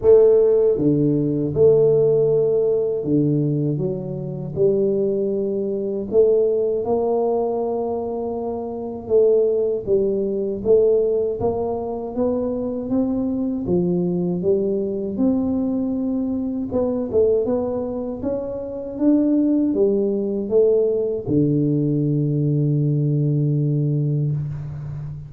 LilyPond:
\new Staff \with { instrumentName = "tuba" } { \time 4/4 \tempo 4 = 79 a4 d4 a2 | d4 fis4 g2 | a4 ais2. | a4 g4 a4 ais4 |
b4 c'4 f4 g4 | c'2 b8 a8 b4 | cis'4 d'4 g4 a4 | d1 | }